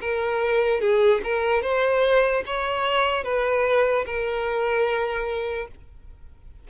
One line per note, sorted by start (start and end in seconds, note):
0.00 0.80 A#4
0.80 1.21 G#4
1.23 1.62 A#4
1.62 2.43 C5
2.45 3.23 C#5
3.23 4.04 B4
4.05 5.68 A#4